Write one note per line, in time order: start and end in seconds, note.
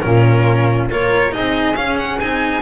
0.00 0.91 A#2
0.00 0.89 C#4
0.00 0.91 F4
0.00 0.88 A#4
0.89 1.35 A#3
0.89 1.31 F4
0.89 1.34 A#4
0.89 1.33 C#5
1.31 1.76 C4
1.31 1.75 D#4
1.31 2.62 G#4
1.31 1.75 D#5
1.75 2.20 C#4
1.75 1.97 F5
1.98 2.19 F#5
2.19 2.62 C4
2.19 2.62 D#4
2.19 2.62 G#5